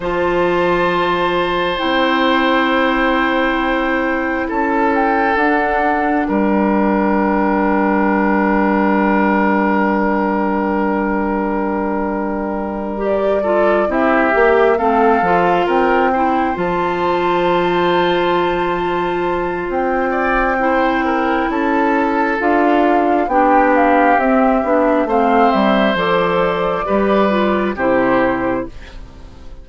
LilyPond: <<
  \new Staff \with { instrumentName = "flute" } { \time 4/4 \tempo 4 = 67 a''2 g''2~ | g''4 a''8 g''8 fis''4 g''4~ | g''1~ | g''2~ g''8 d''4 e''8~ |
e''8 f''4 g''4 a''4.~ | a''2 g''2 | a''4 f''4 g''8 f''8 e''4 | f''8 e''8 d''2 c''4 | }
  \new Staff \with { instrumentName = "oboe" } { \time 4/4 c''1~ | c''4 a'2 ais'4~ | ais'1~ | ais'2. a'8 g'8~ |
g'8 a'4 ais'8 c''2~ | c''2~ c''8 d''8 c''8 ais'8 | a'2 g'2 | c''2 b'4 g'4 | }
  \new Staff \with { instrumentName = "clarinet" } { \time 4/4 f'2 e'2~ | e'2 d'2~ | d'1~ | d'2~ d'8 g'8 f'8 e'8 |
g'8 c'8 f'4 e'8 f'4.~ | f'2. e'4~ | e'4 f'4 d'4 c'8 d'8 | c'4 a'4 g'8 f'8 e'4 | }
  \new Staff \with { instrumentName = "bassoon" } { \time 4/4 f2 c'2~ | c'4 cis'4 d'4 g4~ | g1~ | g2.~ g8 c'8 |
ais8 a8 f8 c'4 f4.~ | f2 c'2 | cis'4 d'4 b4 c'8 b8 | a8 g8 f4 g4 c4 | }
>>